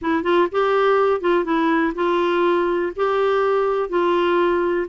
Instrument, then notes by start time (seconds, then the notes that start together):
clarinet
0.01 E4
0.23 F4
0.51 G4
1.21 F4
1.44 E4
1.94 F4
2.96 G4
3.89 F4